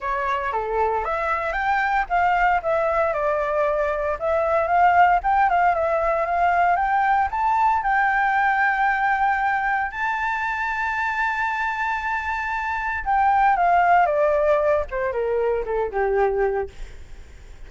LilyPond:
\new Staff \with { instrumentName = "flute" } { \time 4/4 \tempo 4 = 115 cis''4 a'4 e''4 g''4 | f''4 e''4 d''2 | e''4 f''4 g''8 f''8 e''4 | f''4 g''4 a''4 g''4~ |
g''2. a''4~ | a''1~ | a''4 g''4 f''4 d''4~ | d''8 c''8 ais'4 a'8 g'4. | }